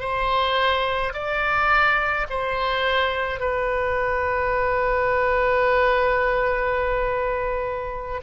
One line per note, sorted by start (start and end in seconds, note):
0.00 1.13 C5
1.14 2.27 D5
2.30 3.40 C5
3.40 8.21 B4